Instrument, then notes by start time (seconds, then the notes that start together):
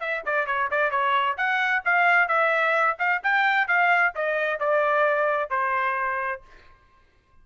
trumpet
0.00 E5
0.26 D5
0.46 C#5
0.71 D5
0.91 C#5
1.37 F#5
1.85 F5
2.28 E5
2.99 F5
3.23 G5
3.68 F5
4.16 D#5
4.60 D5
5.50 C5